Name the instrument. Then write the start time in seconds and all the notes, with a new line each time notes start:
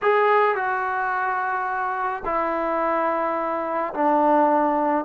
trombone
0.02 G#4
0.55 F#4
2.25 E4
3.94 D4